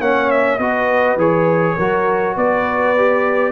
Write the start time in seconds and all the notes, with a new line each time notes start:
0.00 A#3 C#4 C#5 F#5
0.31 E5
0.58 B3 F#4 B4 D#5
1.16 E3 G#4 C#5
1.75 F#3 F#4 A#4
2.36 B3 B4 D5
2.97 G4